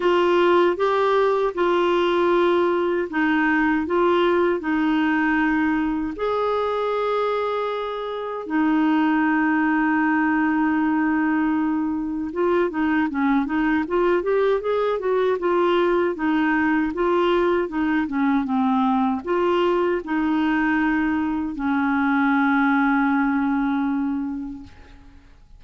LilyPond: \new Staff \with { instrumentName = "clarinet" } { \time 4/4 \tempo 4 = 78 f'4 g'4 f'2 | dis'4 f'4 dis'2 | gis'2. dis'4~ | dis'1 |
f'8 dis'8 cis'8 dis'8 f'8 g'8 gis'8 fis'8 | f'4 dis'4 f'4 dis'8 cis'8 | c'4 f'4 dis'2 | cis'1 | }